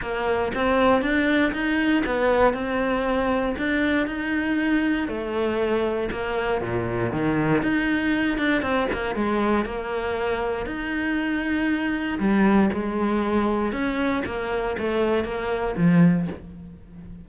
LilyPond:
\new Staff \with { instrumentName = "cello" } { \time 4/4 \tempo 4 = 118 ais4 c'4 d'4 dis'4 | b4 c'2 d'4 | dis'2 a2 | ais4 ais,4 dis4 dis'4~ |
dis'8 d'8 c'8 ais8 gis4 ais4~ | ais4 dis'2. | g4 gis2 cis'4 | ais4 a4 ais4 f4 | }